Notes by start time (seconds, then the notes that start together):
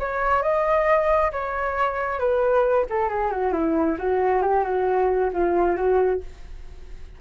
0.00 C#5
0.43 D#5
1.32 C#5
2.19 B4
2.90 A4
3.09 G#4
3.32 F#4
3.53 E4
3.99 F#4
4.42 G4
4.64 F#4
5.33 F4
5.77 F#4